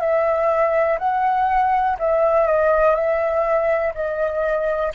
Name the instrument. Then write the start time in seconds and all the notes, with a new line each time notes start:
flute
0.00 E5
0.99 F#5
1.99 E5
2.47 D#5
2.95 E5
3.95 D#5